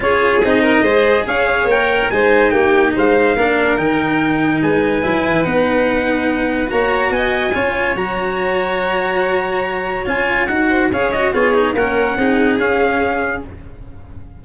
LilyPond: <<
  \new Staff \with { instrumentName = "trumpet" } { \time 4/4 \tempo 4 = 143 cis''4 dis''2 f''4 | g''4 gis''4 g''4 f''4~ | f''4 g''2 gis''4~ | gis''4 fis''2. |
ais''4 gis''2 ais''4~ | ais''1 | gis''4 fis''4 f''8 dis''8 cis''4 | fis''2 f''2 | }
  \new Staff \with { instrumentName = "violin" } { \time 4/4 gis'4. ais'8 c''4 cis''4~ | cis''4 c''4 g'4 c''4 | ais'2. b'4~ | b'1 |
cis''4 dis''4 cis''2~ | cis''1~ | cis''4. c''8 cis''4 gis'4 | ais'4 gis'2. | }
  \new Staff \with { instrumentName = "cello" } { \time 4/4 f'4 dis'4 gis'2 | ais'4 dis'2. | d'4 dis'2. | e'4 dis'2. |
fis'2 f'4 fis'4~ | fis'1 | f'4 fis'4 gis'8 fis'8 f'8 dis'8 | cis'4 dis'4 cis'2 | }
  \new Staff \with { instrumentName = "tuba" } { \time 4/4 cis'4 c'4 gis4 cis'4 | ais4 gis4 ais4 gis4 | ais4 dis2 gis4 | fis8 e8 b2. |
ais4 b4 cis'4 fis4~ | fis1 | cis'4 dis'4 cis'4 b4 | ais4 c'4 cis'2 | }
>>